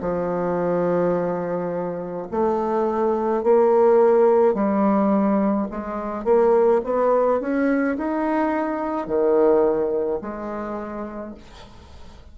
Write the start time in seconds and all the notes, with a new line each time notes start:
0.00 F3
2.31 A3
3.43 A#3
4.53 G3
5.70 G#3
6.24 A#3
6.84 B3
7.40 C#4
7.97 D#4
9.07 D#3
10.21 G#3